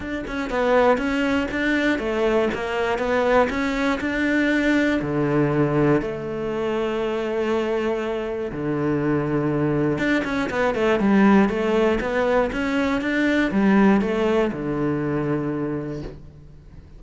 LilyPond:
\new Staff \with { instrumentName = "cello" } { \time 4/4 \tempo 4 = 120 d'8 cis'8 b4 cis'4 d'4 | a4 ais4 b4 cis'4 | d'2 d2 | a1~ |
a4 d2. | d'8 cis'8 b8 a8 g4 a4 | b4 cis'4 d'4 g4 | a4 d2. | }